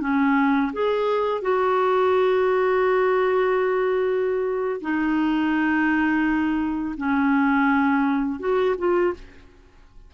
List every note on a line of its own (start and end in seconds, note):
0.00 0.71 C#4
0.72 1.41 G#4
1.41 4.81 F#4
4.81 6.95 D#4
6.97 8.39 C#4
8.39 8.75 F#4
8.78 9.13 F4